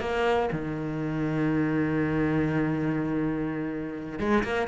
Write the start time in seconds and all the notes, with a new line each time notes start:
0.00 A#3
0.52 D#3
4.19 G#3
4.44 A#3